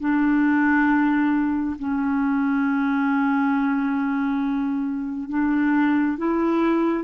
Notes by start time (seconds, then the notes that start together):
0.00 D4
1.79 C#4
5.29 D4
6.18 E4